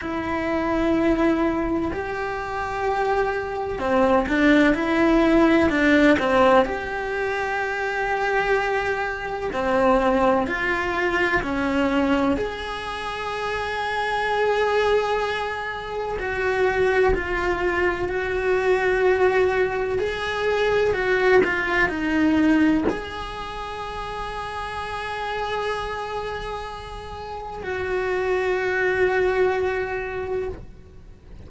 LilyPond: \new Staff \with { instrumentName = "cello" } { \time 4/4 \tempo 4 = 63 e'2 g'2 | c'8 d'8 e'4 d'8 c'8 g'4~ | g'2 c'4 f'4 | cis'4 gis'2.~ |
gis'4 fis'4 f'4 fis'4~ | fis'4 gis'4 fis'8 f'8 dis'4 | gis'1~ | gis'4 fis'2. | }